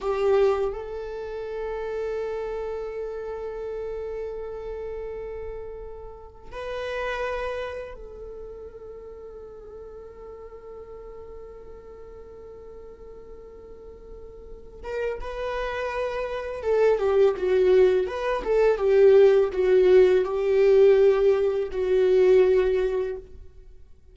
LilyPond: \new Staff \with { instrumentName = "viola" } { \time 4/4 \tempo 4 = 83 g'4 a'2.~ | a'1~ | a'4 b'2 a'4~ | a'1~ |
a'1~ | a'8 ais'8 b'2 a'8 g'8 | fis'4 b'8 a'8 g'4 fis'4 | g'2 fis'2 | }